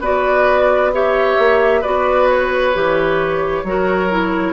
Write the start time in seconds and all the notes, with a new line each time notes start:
0.00 B3 F#4 B4 D5
0.93 G4 C#5 E5
1.38 A#3
1.81 B3 F#4 B4 D5
2.29 C#5
2.74 E3 G4
3.64 F#3 F#4 A#4
4.10 E4